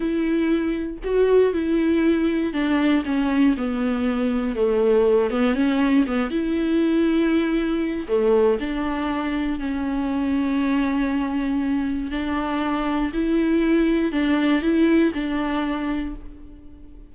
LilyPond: \new Staff \with { instrumentName = "viola" } { \time 4/4 \tempo 4 = 119 e'2 fis'4 e'4~ | e'4 d'4 cis'4 b4~ | b4 a4. b8 cis'4 | b8 e'2.~ e'8 |
a4 d'2 cis'4~ | cis'1 | d'2 e'2 | d'4 e'4 d'2 | }